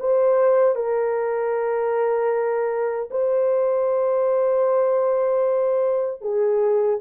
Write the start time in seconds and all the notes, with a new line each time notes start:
0.00 C5
0.75 A#4
3.11 C5
6.22 G#4